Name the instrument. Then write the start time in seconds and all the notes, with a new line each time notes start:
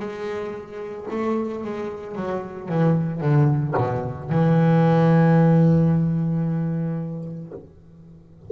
double bass
0.00 G#3
1.11 A3
1.65 G#3
2.16 F#3
2.69 E3
3.21 D3
3.77 B2
4.31 E3